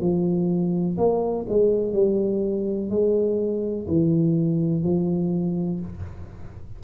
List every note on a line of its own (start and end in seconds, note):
0.00 0.97 F3
0.97 1.46 A#3
1.49 1.93 G#3
1.93 2.89 G3
2.89 3.86 G#3
3.87 4.83 E3
4.83 5.80 F3